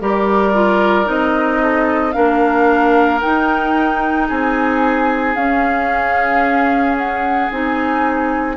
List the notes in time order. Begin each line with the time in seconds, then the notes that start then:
0.00 G3 G4 A#4 D5
0.54 F4
1.05 C4 D#4 D#5
1.62 A4
2.12 A#3 D4 A#4 F5
3.20 D#4 G5
4.28 C4 G#4 G#5
5.35 C#4 F5
6.97 F#5
7.51 C4 D#4 G#5